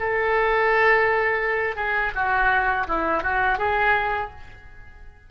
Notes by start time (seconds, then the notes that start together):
0.00 A4
1.76 G#4
2.15 F#4
2.88 E4
3.23 F#4
3.59 G#4